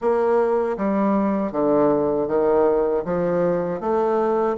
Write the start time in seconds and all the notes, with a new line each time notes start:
0.01 A#3
0.77 G3
1.52 D3
2.27 D#3
3.04 F3
3.80 A3